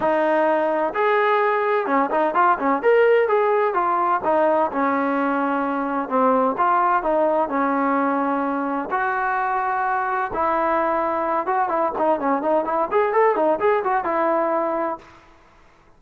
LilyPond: \new Staff \with { instrumentName = "trombone" } { \time 4/4 \tempo 4 = 128 dis'2 gis'2 | cis'8 dis'8 f'8 cis'8 ais'4 gis'4 | f'4 dis'4 cis'2~ | cis'4 c'4 f'4 dis'4 |
cis'2. fis'4~ | fis'2 e'2~ | e'8 fis'8 e'8 dis'8 cis'8 dis'8 e'8 gis'8 | a'8 dis'8 gis'8 fis'8 e'2 | }